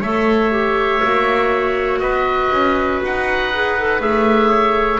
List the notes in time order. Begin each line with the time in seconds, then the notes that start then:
0.00 A3 A4 C#5 E5
0.51 G4
1.02 A#3 F#4
1.99 B3 B4 D#5
2.51 C#4
3.03 D#4 F#5
3.52 G#4
3.78 A4
3.99 A3 G#4 E5
4.49 C#5